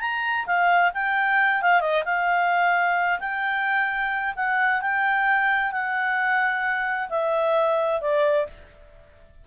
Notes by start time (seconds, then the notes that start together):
0.00 A#5
0.46 F5
0.93 G5
1.62 F5
1.80 D#5
2.05 F5
3.20 G5
4.36 F#5
4.81 G5
5.72 F#5
7.09 E5
8.01 D5